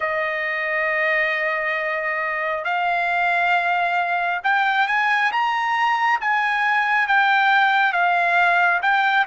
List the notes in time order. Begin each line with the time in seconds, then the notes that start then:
0.00 D#5
2.64 F5
4.43 G5
4.87 G#5
5.31 A#5
6.20 G#5
7.07 G5
7.92 F5
8.82 G5